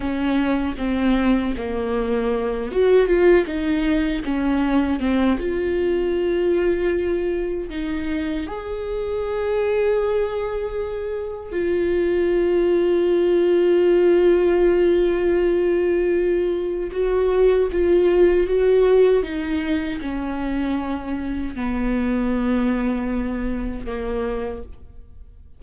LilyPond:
\new Staff \with { instrumentName = "viola" } { \time 4/4 \tempo 4 = 78 cis'4 c'4 ais4. fis'8 | f'8 dis'4 cis'4 c'8 f'4~ | f'2 dis'4 gis'4~ | gis'2. f'4~ |
f'1~ | f'2 fis'4 f'4 | fis'4 dis'4 cis'2 | b2. ais4 | }